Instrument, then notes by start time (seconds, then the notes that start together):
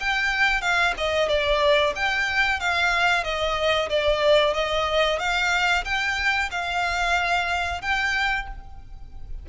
violin
0.00 G5
0.62 F5
0.98 D#5
1.29 D5
1.96 G5
2.60 F5
3.24 D#5
3.90 D5
4.54 D#5
5.19 F5
5.85 G5
6.51 F5
7.82 G5